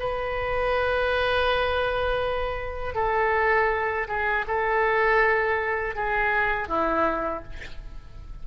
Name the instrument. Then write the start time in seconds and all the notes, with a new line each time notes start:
oboe
0.00 B4
2.95 A4
4.08 G#4
4.48 A4
5.96 G#4
6.69 E4